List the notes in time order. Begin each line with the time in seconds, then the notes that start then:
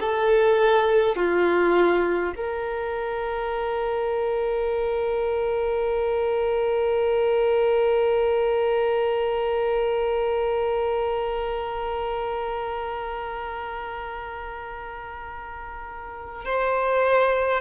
0.00 A4
1.16 F4
2.36 A#4
16.45 C5